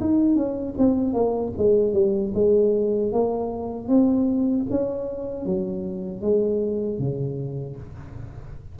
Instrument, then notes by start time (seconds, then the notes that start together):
tuba
0.00 D#4
0.35 C#4
0.78 C4
1.13 A#3
1.58 G#3
1.93 G3
2.34 G#3
3.12 A#3
3.88 C4
4.70 C#4
5.45 F#3
6.21 G#3
6.99 C#3